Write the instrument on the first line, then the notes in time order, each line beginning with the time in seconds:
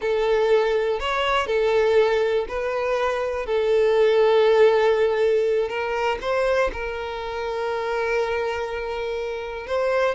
violin
0.01 A4
0.99 C#5
1.47 A4
2.48 B4
3.46 A4
5.68 A#4
6.21 C5
6.73 A#4
9.66 C5